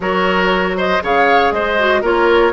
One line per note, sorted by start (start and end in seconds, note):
0.00 0.99 F#3
0.00 1.01 F#4
0.00 0.77 A#4
0.00 0.77 C#5
0.77 1.02 C5
0.77 1.03 D#5
1.01 1.51 C#3
1.01 1.78 G#4
1.01 1.54 C#5
1.01 1.52 F5
1.51 2.02 G#3
1.51 2.01 C5
1.51 2.03 D#5
1.78 2.03 F#4
2.01 2.53 A#3
2.01 2.53 F4
2.01 2.52 A#4
2.01 2.53 C#5